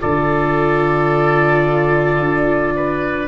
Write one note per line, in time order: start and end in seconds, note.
0.00 2.19 D3
0.00 3.27 F4
0.00 2.74 A4
0.00 3.28 D5
2.19 3.28 D4
2.76 3.28 B4